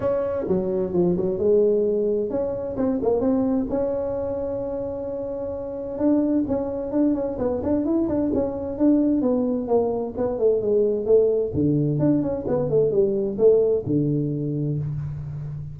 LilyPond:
\new Staff \with { instrumentName = "tuba" } { \time 4/4 \tempo 4 = 130 cis'4 fis4 f8 fis8 gis4~ | gis4 cis'4 c'8 ais8 c'4 | cis'1~ | cis'4 d'4 cis'4 d'8 cis'8 |
b8 d'8 e'8 d'8 cis'4 d'4 | b4 ais4 b8 a8 gis4 | a4 d4 d'8 cis'8 b8 a8 | g4 a4 d2 | }